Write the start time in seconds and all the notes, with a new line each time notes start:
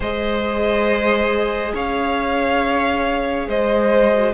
0.00 G#3 G#4 C5 D#5
1.74 C#4 C#5 F5
3.47 G#3 C5 D#5
4.12 F#4